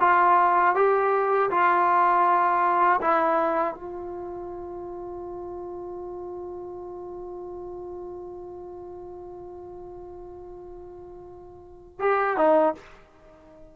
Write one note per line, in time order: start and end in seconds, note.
0.00 0.75 F4
0.75 1.50 G4
1.50 3.00 F4
3.01 3.74 E4
3.74 11.99 F4
12.00 12.37 G4
12.37 12.74 D#4